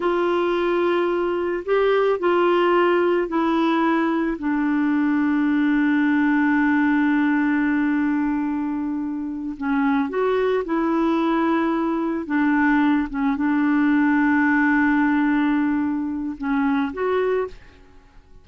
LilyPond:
\new Staff \with { instrumentName = "clarinet" } { \time 4/4 \tempo 4 = 110 f'2. g'4 | f'2 e'2 | d'1~ | d'1~ |
d'4. cis'4 fis'4 e'8~ | e'2~ e'8 d'4. | cis'8 d'2.~ d'8~ | d'2 cis'4 fis'4 | }